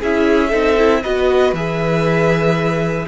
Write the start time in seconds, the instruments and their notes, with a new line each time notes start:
0.00 cello C#4, viola E4, violin G#4 E5
0.50 cello C4, viola D#4, violin A4
0.78 viola E4
1.03 cello B3, viola F#4, violin B4 D#5
1.53 cello E3, viola G#4, violin E5